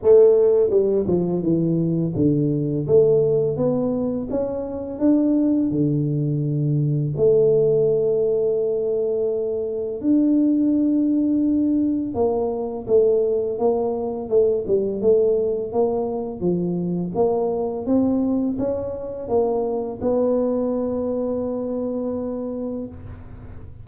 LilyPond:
\new Staff \with { instrumentName = "tuba" } { \time 4/4 \tempo 4 = 84 a4 g8 f8 e4 d4 | a4 b4 cis'4 d'4 | d2 a2~ | a2 d'2~ |
d'4 ais4 a4 ais4 | a8 g8 a4 ais4 f4 | ais4 c'4 cis'4 ais4 | b1 | }